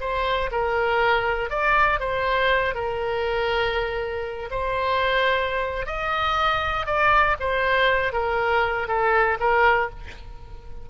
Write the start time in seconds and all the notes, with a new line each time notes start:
0.00 C5
0.51 A#4
1.50 D5
2.00 C5
2.74 A#4
4.50 C5
5.86 D#5
6.86 D5
7.40 C5
8.12 A#4
8.88 A4
9.40 A#4